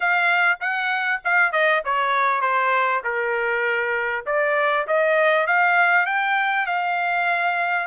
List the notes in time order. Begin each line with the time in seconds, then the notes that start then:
0.00 F5
0.60 F#5
1.24 F5
1.52 D#5
1.84 C#5
2.41 C5
3.03 A#4
4.26 D5
4.87 D#5
5.46 F5
6.06 G5
6.66 F5